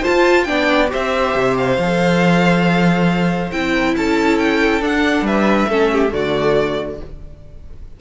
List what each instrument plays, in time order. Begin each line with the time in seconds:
0.00 viola F4, violin C5 A5
0.08 cello F4
0.44 cello B3, viola D4, violin D5 G5
0.88 viola G4, violin C5 E5
0.95 cello C4
1.36 cello C3
1.58 violin F5
1.78 cello F3, viola A4
3.52 cello C4, viola E4, violin G5
3.73 violin A#4
3.97 cello C#4, violin A4 A5
4.39 violin G5
4.82 cello D4, viola D4, violin F#5
5.22 cello G3, violin B4 E5
5.69 cello A3, viola C#4, violin A4
5.92 violin G4
6.09 cello D3, viola A3, violin F#4 D5